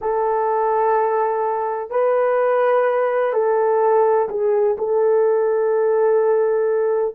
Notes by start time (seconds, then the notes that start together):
0.01 A4
1.90 B4
3.33 A4
4.29 G#4
4.77 A4